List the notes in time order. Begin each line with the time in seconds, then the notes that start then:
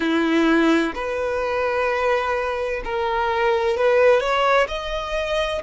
0.00 E4
0.95 B4
2.84 A#4
3.77 B4
4.20 C#5
4.68 D#5